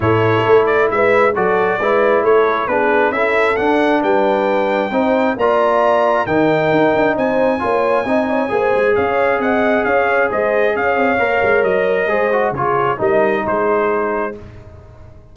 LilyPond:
<<
  \new Staff \with { instrumentName = "trumpet" } { \time 4/4 \tempo 4 = 134 cis''4. d''8 e''4 d''4~ | d''4 cis''4 b'4 e''4 | fis''4 g''2. | ais''2 g''2 |
gis''1 | f''4 fis''4 f''4 dis''4 | f''2 dis''2 | cis''4 dis''4 c''2 | }
  \new Staff \with { instrumentName = "horn" } { \time 4/4 a'2 b'4 a'4 | b'4 a'4 gis'4 a'4~ | a'4 b'2 c''4 | d''2 ais'2 |
c''4 cis''4 dis''8 cis''8 c''4 | cis''4 dis''4 cis''4 c''4 | cis''2. c''4 | gis'4 ais'4 gis'2 | }
  \new Staff \with { instrumentName = "trombone" } { \time 4/4 e'2. fis'4 | e'2 d'4 e'4 | d'2. dis'4 | f'2 dis'2~ |
dis'4 f'4 dis'4 gis'4~ | gis'1~ | gis'4 ais'2 gis'8 fis'8 | f'4 dis'2. | }
  \new Staff \with { instrumentName = "tuba" } { \time 4/4 a,4 a4 gis4 fis4 | gis4 a4 b4 cis'4 | d'4 g2 c'4 | ais2 dis4 dis'8 d'8 |
c'4 ais4 c'4 ais8 gis8 | cis'4 c'4 cis'4 gis4 | cis'8 c'8 ais8 gis8 fis4 gis4 | cis4 g4 gis2 | }
>>